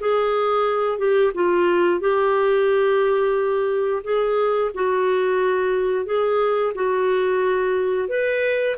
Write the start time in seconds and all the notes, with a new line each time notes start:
0.00 G#4
0.98 G4
1.35 F4
2.00 G4
4.04 G#4
4.74 F#4
6.06 G#4
6.75 F#4
8.08 B4